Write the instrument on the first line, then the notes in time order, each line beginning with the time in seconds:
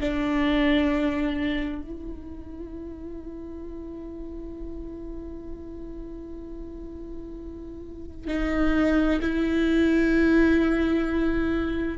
viola
0.00 D4
1.82 E4
8.27 D#4
9.21 E4